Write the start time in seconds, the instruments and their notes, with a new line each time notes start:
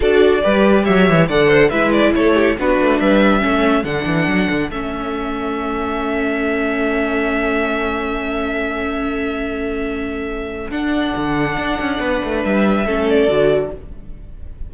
0.00 cello D4, viola F#4, violin A4 D5
0.42 cello G3, viola G4, violin B4
0.84 cello F#3, violin C#5 E5
1.09 cello E3
1.28 cello D3, viola A4, violin D5 F#5
1.47 violin C5
1.69 cello G#3, viola E4, violin B4 E5
1.92 violin D5
2.14 cello A3, violin A4 C#5
2.35 violin G4
2.58 cello B3, viola D4, violin F#4 B4
2.80 cello A3
3.00 cello G3, violin B4 E5
3.40 cello A3, viola C#4, violin A4
3.83 cello D3, viola D4, violin F#5
4.05 cello E3
4.27 cello F#3
4.50 cello D3
4.70 cello A3, viola C#4, violin E5
10.70 cello D4, viola D4, violin F#5
11.16 cello D3
11.57 cello D4
11.79 cello C#4
11.99 cello B3, violin B4
12.24 cello A3
12.44 cello G3, violin E5
12.85 cello A3, viola C#4, violin A4
13.09 violin D5
13.27 cello D3, viola F#4